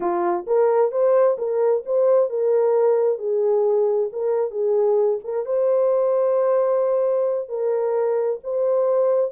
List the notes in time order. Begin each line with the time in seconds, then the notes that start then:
0.00 F4
0.46 A#4
0.91 C5
1.38 A#4
1.85 C5
2.29 A#4
3.18 G#4
4.12 A#4
4.50 G#4
5.24 A#4
5.45 C5
7.48 A#4
8.43 C5